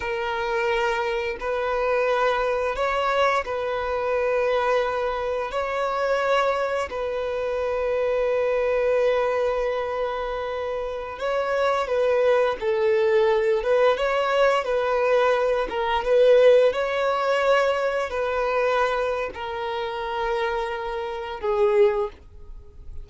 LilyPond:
\new Staff \with { instrumentName = "violin" } { \time 4/4 \tempo 4 = 87 ais'2 b'2 | cis''4 b'2. | cis''2 b'2~ | b'1~ |
b'16 cis''4 b'4 a'4. b'16~ | b'16 cis''4 b'4. ais'8 b'8.~ | b'16 cis''2 b'4.~ b'16 | ais'2. gis'4 | }